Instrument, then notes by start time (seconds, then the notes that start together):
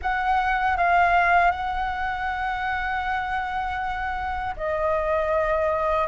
flute
0.01 F#5
0.77 F5
1.51 F#5
4.56 D#5